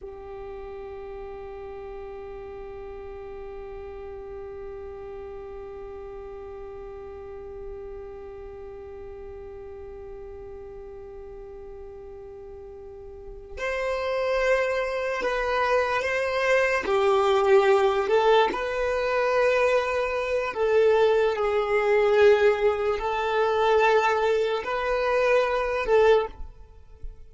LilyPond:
\new Staff \with { instrumentName = "violin" } { \time 4/4 \tempo 4 = 73 g'1~ | g'1~ | g'1~ | g'1~ |
g'8 c''2 b'4 c''8~ | c''8 g'4. a'8 b'4.~ | b'4 a'4 gis'2 | a'2 b'4. a'8 | }